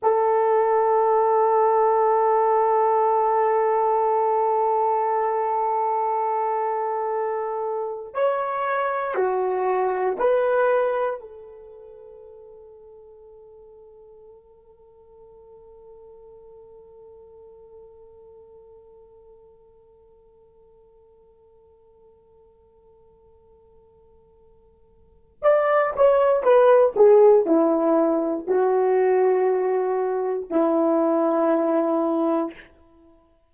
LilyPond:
\new Staff \with { instrumentName = "horn" } { \time 4/4 \tempo 4 = 59 a'1~ | a'1 | cis''4 fis'4 b'4 a'4~ | a'1~ |
a'1~ | a'1~ | a'4 d''8 cis''8 b'8 gis'8 e'4 | fis'2 e'2 | }